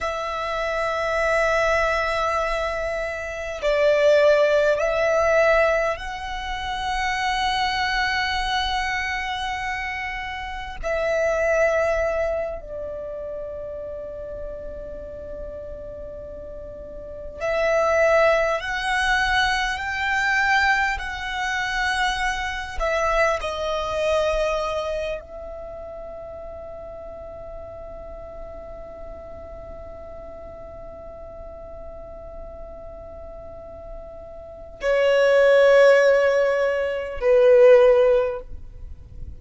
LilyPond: \new Staff \with { instrumentName = "violin" } { \time 4/4 \tempo 4 = 50 e''2. d''4 | e''4 fis''2.~ | fis''4 e''4. d''4.~ | d''2~ d''8 e''4 fis''8~ |
fis''8 g''4 fis''4. e''8 dis''8~ | dis''4 e''2.~ | e''1~ | e''4 cis''2 b'4 | }